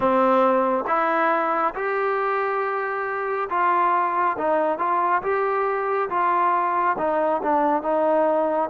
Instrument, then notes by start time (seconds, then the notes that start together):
trombone
0.00 C4
0.87 E4
1.74 G4
3.49 F4
4.38 D#4
4.78 F4
5.22 G4
6.09 F4
6.98 D#4
7.42 D4
7.82 D#4